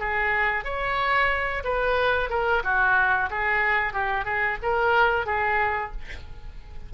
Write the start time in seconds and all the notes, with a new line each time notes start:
0.00 G#4
0.64 C#5
1.64 B4
2.30 A#4
2.64 F#4
3.31 G#4
3.94 G4
4.25 G#4
4.62 A#4
5.26 G#4